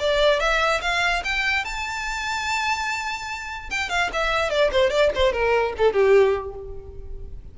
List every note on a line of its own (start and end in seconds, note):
0.00 0.40 D5
0.40 0.81 E5
0.82 1.23 F5
1.25 1.65 G5
1.65 3.70 A5
3.71 3.90 G5
3.90 4.11 F5
4.14 4.51 E5
4.51 4.71 D5
4.72 4.91 C5
4.91 5.11 D5
5.15 5.33 C5
5.33 5.74 A#4
5.78 5.94 A4
5.94 6.55 G4